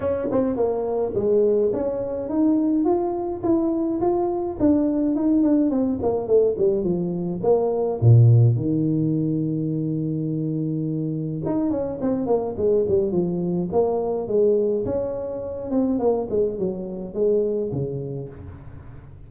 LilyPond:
\new Staff \with { instrumentName = "tuba" } { \time 4/4 \tempo 4 = 105 cis'8 c'8 ais4 gis4 cis'4 | dis'4 f'4 e'4 f'4 | d'4 dis'8 d'8 c'8 ais8 a8 g8 | f4 ais4 ais,4 dis4~ |
dis1 | dis'8 cis'8 c'8 ais8 gis8 g8 f4 | ais4 gis4 cis'4. c'8 | ais8 gis8 fis4 gis4 cis4 | }